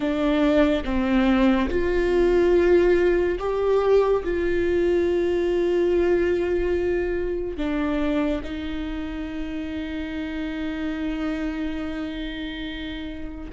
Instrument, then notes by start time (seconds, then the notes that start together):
viola
0.00 D4
0.84 C4
1.69 F4
3.38 G4
4.23 F4
7.57 D4
8.43 D#4